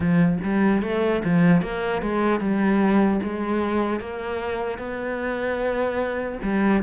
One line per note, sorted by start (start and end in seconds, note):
0.00 0.39 F3
0.43 0.82 G3
0.82 1.22 A3
1.24 1.61 F3
1.61 2.01 A#3
2.02 2.40 G#3
2.40 3.20 G3
3.23 4.00 G#3
4.00 4.78 A#3
4.78 6.38 B3
6.42 6.82 G3